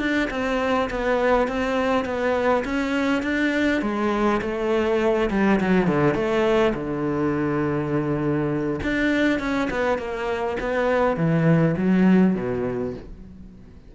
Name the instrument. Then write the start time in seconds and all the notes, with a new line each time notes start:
cello
0.00 D4
0.31 C4
0.90 B3
1.48 C4
2.05 B3
2.65 C#4
3.23 D4
3.82 G#3
4.42 A3
5.31 G3
5.60 F#3
5.87 D3
6.15 A3
6.75 D3
8.83 D4
9.40 C#4
9.71 B3
9.98 A#3
10.60 B3
11.17 E3
11.78 F#3
12.35 B2